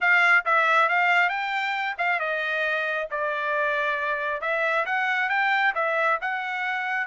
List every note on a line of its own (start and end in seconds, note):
0.00 0.44 F5
0.45 0.88 E5
0.88 1.29 F5
1.29 1.95 G5
1.98 2.19 F5
2.19 3.08 D#5
3.10 4.41 D5
4.41 4.85 E5
4.85 5.29 F#5
5.29 5.73 G5
5.75 6.19 E5
6.21 7.07 F#5